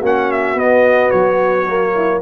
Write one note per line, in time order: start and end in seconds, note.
0.00 0.55 A#3
0.00 0.57 C#4
0.00 1.93 F#4
0.06 0.32 F#5
0.32 0.59 E5
0.55 1.10 B3
0.55 1.67 B3
0.55 1.11 D#5
1.11 2.23 F#3
1.11 2.21 C#5
1.68 2.23 A#3
1.96 2.23 E4